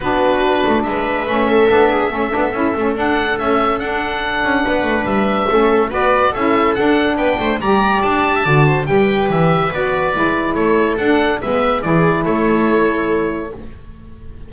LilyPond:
<<
  \new Staff \with { instrumentName = "oboe" } { \time 4/4 \tempo 4 = 142 b'2 e''2~ | e''2. fis''4 | e''4 fis''2. | e''2 d''4 e''4 |
fis''4 g''4 ais''4 a''4~ | a''4 g''4 e''4 d''4~ | d''4 cis''4 fis''4 e''4 | d''4 cis''2. | }
  \new Staff \with { instrumentName = "viola" } { \time 4/4 fis'2 b'4. a'8~ | a'8 gis'8 a'2.~ | a'2. b'4~ | b'4 a'4 b'4 a'4~ |
a'4 b'8 c''8 d''4.~ d''16 e''16 | d''8 c''8 b'2.~ | b'4 a'2 b'4 | gis'4 a'2. | }
  \new Staff \with { instrumentName = "saxophone" } { \time 4/4 d'2. cis'4 | d'4 cis'8 d'8 e'8 cis'8 d'4 | a4 d'2.~ | d'4 cis'4 fis'4 e'4 |
d'2 g'2 | fis'4 g'2 fis'4 | e'2 d'4 b4 | e'1 | }
  \new Staff \with { instrumentName = "double bass" } { \time 4/4 b4. a8 gis4 a4 | b4 a8 b8 cis'8 a8 d'4 | cis'4 d'4. cis'8 b8 a8 | g4 a4 b4 cis'4 |
d'4 b8 a8 g4 d'4 | d4 g4 e4 b4 | gis4 a4 d'4 gis4 | e4 a2. | }
>>